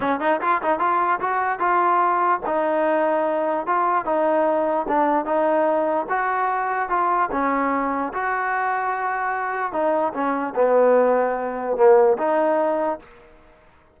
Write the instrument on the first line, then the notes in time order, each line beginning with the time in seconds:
trombone
0.00 C#4
0.20 D#4
0.41 F4
0.62 D#4
0.79 F4
1.20 F#4
1.59 F4
2.45 D#4
3.66 F4
4.05 D#4
4.88 D4
5.25 D#4
6.09 F#4
6.89 F4
7.31 C#4
8.13 F#4
9.72 D#4
10.13 C#4
10.55 B3
11.76 A#3
12.18 D#4